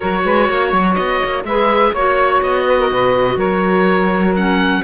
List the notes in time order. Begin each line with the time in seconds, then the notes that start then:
0.00 F#3 F#4 A#4 C#5
0.24 G#3 B4
0.48 A#3 C#5
0.72 F#3
0.94 B3 D#5
1.24 A#3
1.44 G#3 G#4 B4 E5
1.92 A#3 F#4 C#5
2.42 B3 D#5
2.67 B4
2.79 A#4
2.92 B2 B4
3.36 F#3 A#4 C#5
4.35 C#4 F#5